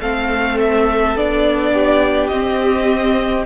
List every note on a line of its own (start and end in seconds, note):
0.00 1.15 A3
0.00 1.16 C4
0.00 1.73 A4
0.00 0.58 F5
0.59 1.17 E5
1.15 2.30 B3
1.15 2.31 D4
1.15 2.27 D5
1.73 3.46 G4
2.27 3.46 C4
2.27 3.43 D#5